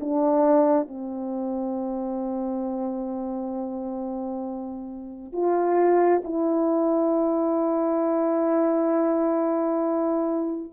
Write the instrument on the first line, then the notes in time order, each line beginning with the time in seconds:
horn
0.00 D4
0.88 C4
5.32 F4
6.24 E4